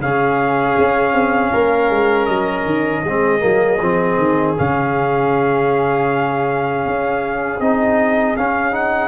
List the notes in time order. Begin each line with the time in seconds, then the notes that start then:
0.00 C#3 C#4 G#4 F5
0.78 C#4
1.14 C4
1.53 A#3 A#4
1.91 G#3
2.26 F#3 D#5
2.66 D#3
3.04 G#3 C4 G#4
3.40 F#3 A#3
3.82 F3 C4
4.18 D#3
4.57 C#3 C#4 F5
6.87 C#4
7.60 C4 D#4 D#5
8.37 C#4 F5
8.72 D#4 F#5